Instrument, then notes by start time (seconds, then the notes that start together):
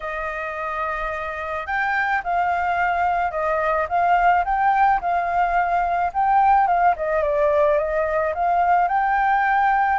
flute
0.00 D#5
1.66 G5
2.23 F5
3.31 D#5
3.89 F5
4.44 G5
5.00 F5
6.13 G5
6.67 F5
6.96 D#5
7.22 D5
7.78 D#5
8.34 F5
8.87 G5